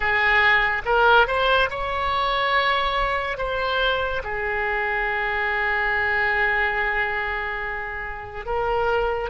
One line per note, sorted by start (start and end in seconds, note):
0.00 0.82 G#4
0.85 1.27 A#4
1.27 1.69 C5
1.70 3.37 C#5
3.37 4.22 C5
4.23 8.45 G#4
8.45 9.30 A#4